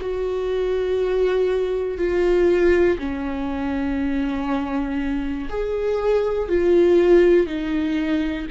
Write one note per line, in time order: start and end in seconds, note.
0.00 1.97 F#4
1.97 2.97 F4
2.98 5.48 C#4
5.49 6.48 G#4
6.48 7.46 F4
7.46 8.46 D#4